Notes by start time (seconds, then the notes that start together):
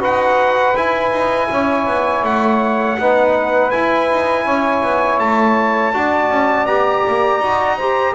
0.00 D#4 F#4 B4 F#5
0.75 E4 G#5
1.12 D#4
1.51 C#4 C#5
1.87 B3
2.24 A3 F#5
2.99 B3 D#4 B4
3.71 E4 G#5
4.12 D#4
4.46 C#4 C#5
4.83 B3
5.20 A3 A5
5.94 D4 F#4 D5
6.30 C#4
6.66 B3 G4 A#5
7.08 A#3
7.40 D#4 F#4
7.77 G4 C5